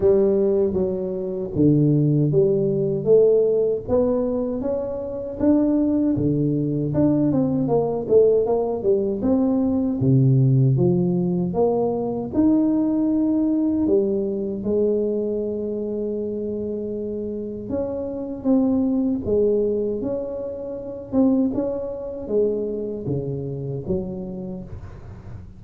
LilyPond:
\new Staff \with { instrumentName = "tuba" } { \time 4/4 \tempo 4 = 78 g4 fis4 d4 g4 | a4 b4 cis'4 d'4 | d4 d'8 c'8 ais8 a8 ais8 g8 | c'4 c4 f4 ais4 |
dis'2 g4 gis4~ | gis2. cis'4 | c'4 gis4 cis'4. c'8 | cis'4 gis4 cis4 fis4 | }